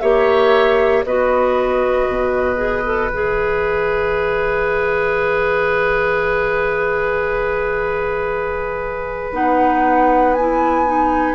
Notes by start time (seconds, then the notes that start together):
0.00 A#3 G4 C#5 E5
1.05 B3 F#4 B4 D#5
2.08 B2
2.56 G#4
2.85 A4
3.08 E3 G#4 E5
9.32 B3 D#4 F#5
10.34 E4 G#5
10.86 D#4